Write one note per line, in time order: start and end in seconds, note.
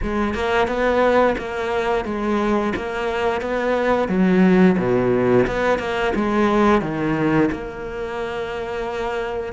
0.02 0.34 G#3
0.34 0.67 A#3
0.67 1.35 B3
1.38 2.05 A#3
2.05 2.73 G#3
2.76 3.41 A#3
3.41 4.08 B3
4.08 4.76 F#3
4.78 5.46 B2
5.47 5.78 B3
5.78 6.12 A#3
6.15 6.81 G#3
6.81 7.49 D#3
7.51 9.53 A#3